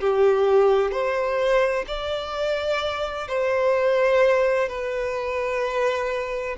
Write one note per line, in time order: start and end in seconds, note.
0.00 0.91 G4
0.91 1.85 C5
1.87 3.28 D5
3.28 4.68 C5
4.68 6.56 B4